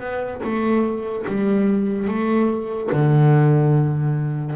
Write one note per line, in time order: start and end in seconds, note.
0.00 0.41 B3
0.44 1.26 A3
1.28 2.08 G3
2.08 2.90 A3
2.93 4.56 D3